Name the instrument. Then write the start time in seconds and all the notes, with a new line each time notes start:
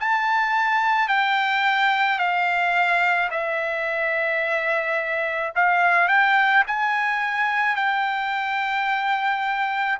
trumpet
0.00 A5
1.09 G5
2.19 F5
3.31 E5
5.56 F5
6.09 G5
6.67 G#5
7.76 G5